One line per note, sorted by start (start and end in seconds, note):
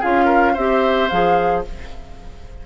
0.00 0.57 C#4
0.00 0.57 F4
0.00 0.25 G#4
0.00 0.56 F5
0.25 0.52 A#4
0.54 1.11 C4
0.54 1.11 G4
0.54 1.63 C5
0.54 1.09 E5
1.09 1.66 F3
1.09 1.65 G#4
1.09 1.63 F5